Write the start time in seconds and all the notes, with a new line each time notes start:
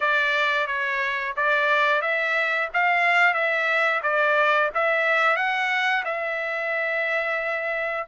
0.00 D5
0.66 C#5
1.36 D5
2.01 E5
2.73 F5
3.33 E5
4.02 D5
4.74 E5
5.36 F#5
6.05 E5